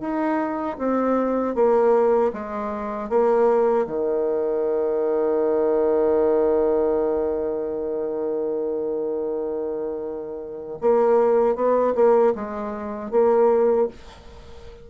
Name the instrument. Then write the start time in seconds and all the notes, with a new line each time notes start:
bassoon
0.00 D#4
0.78 C4
1.55 A#3
2.33 G#3
3.09 A#3
3.86 D#3
10.81 A#3
11.55 B3
11.95 A#3
12.35 G#3
13.10 A#3